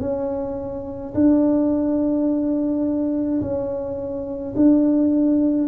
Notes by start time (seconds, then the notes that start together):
0.00 C#4
1.14 D4
3.41 C#4
4.55 D4